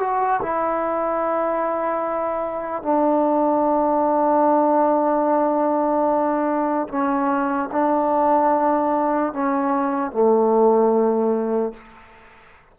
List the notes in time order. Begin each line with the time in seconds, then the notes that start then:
0.00 F#4
0.42 E4
2.83 D4
6.89 C#4
7.72 D4
9.34 C#4
10.12 A3